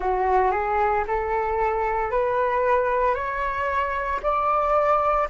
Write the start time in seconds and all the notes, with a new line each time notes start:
0.00 F#4
0.51 G#4
1.07 A4
2.11 B4
3.14 C#5
4.22 D5